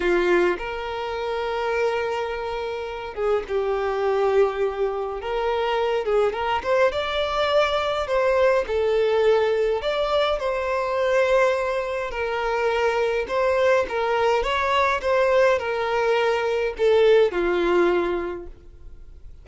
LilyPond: \new Staff \with { instrumentName = "violin" } { \time 4/4 \tempo 4 = 104 f'4 ais'2.~ | ais'4. gis'8 g'2~ | g'4 ais'4. gis'8 ais'8 c''8 | d''2 c''4 a'4~ |
a'4 d''4 c''2~ | c''4 ais'2 c''4 | ais'4 cis''4 c''4 ais'4~ | ais'4 a'4 f'2 | }